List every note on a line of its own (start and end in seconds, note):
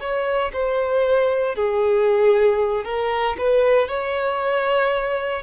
0.00 0.52 C#5
0.53 1.56 C5
1.56 2.85 G#4
2.85 3.37 A#4
3.38 3.88 B4
3.88 5.43 C#5